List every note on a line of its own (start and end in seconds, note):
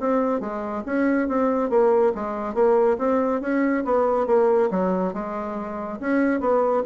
0.00 0.40 C4
0.40 0.83 G#3
0.86 1.28 C#4
1.28 1.70 C4
1.70 2.13 A#3
2.15 2.54 G#3
2.54 2.97 A#3
2.98 3.41 C4
3.41 3.84 C#4
3.85 4.27 B3
4.27 4.69 A#3
4.71 5.14 F#3
5.14 5.99 G#3
6.00 6.40 C#4
6.40 6.83 B3